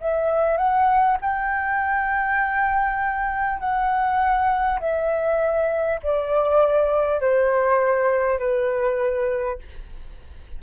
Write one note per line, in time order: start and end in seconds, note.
0.00 0.57 E5
0.57 1.17 F#5
1.21 3.59 G5
3.59 4.79 F#5
4.80 6.00 E5
6.02 7.21 D5
7.21 8.38 C5
8.38 9.58 B4